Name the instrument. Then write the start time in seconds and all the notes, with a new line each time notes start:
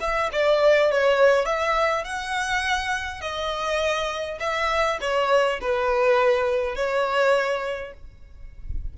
violin
0.00 E5
0.32 D5
0.91 C#5
1.45 E5
2.04 F#5
3.21 D#5
4.40 E5
5.01 C#5
5.61 B4
6.75 C#5